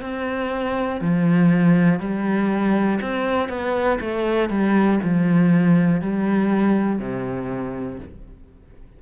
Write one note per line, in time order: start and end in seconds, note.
0.00 1.00 C4
1.00 1.99 F3
1.99 2.99 G3
3.00 3.49 C4
3.49 3.99 B3
4.00 4.50 A3
4.50 5.00 G3
5.03 6.01 F3
6.01 6.99 G3
6.99 7.99 C3